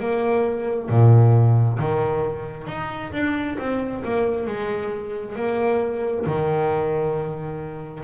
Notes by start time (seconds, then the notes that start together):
0.00 A#3
0.89 A#2
1.80 D#3
2.67 D#4
3.13 D4
3.59 C4
4.04 A#3
4.47 G#3
5.36 A#3
6.26 D#3